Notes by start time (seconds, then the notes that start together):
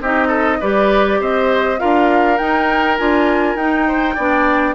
0.00 C4 D#4 G4 D#5
0.27 A4
0.60 G3 G4 B4 D5
1.20 C4 C5 D#5
1.78 D4 F4 A#4 F5
2.37 D#4 G5
2.98 D4 F4 G#5
3.55 D#4 G5
3.87 C5
4.15 B3 D4 D5